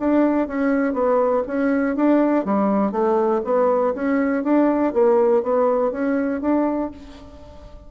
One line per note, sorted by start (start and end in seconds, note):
0.00 0.48 D4
0.48 0.94 C#4
0.94 1.43 B3
1.47 1.96 C#4
1.96 2.45 D4
2.45 2.92 G3
2.92 3.41 A3
3.45 3.94 B3
3.95 4.44 C#4
4.44 4.93 D4
4.94 5.43 A#3
5.43 5.92 B3
5.92 6.42 C#4
6.42 6.91 D4